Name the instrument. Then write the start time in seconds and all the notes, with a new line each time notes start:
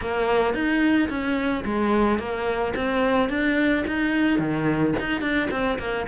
cello
0.01 A#3
0.54 D#4
1.09 C#4
1.64 G#3
2.18 A#3
2.75 C4
3.29 D4
3.87 D#4
4.38 D#3
4.99 D#4
5.21 D4
5.50 C4
5.78 A#3